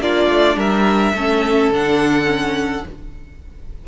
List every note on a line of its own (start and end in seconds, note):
0.00 0.28 A#3
0.00 1.15 D4
0.00 0.57 F4
0.00 0.59 D5
0.30 0.56 A3
0.56 1.13 G3
0.56 1.13 A#4
0.56 1.73 E5
1.13 1.70 A3
1.13 1.73 C#4
1.13 2.86 A4
1.71 2.84 D3
1.71 2.25 D4
1.71 2.88 F#5
2.25 2.82 C#4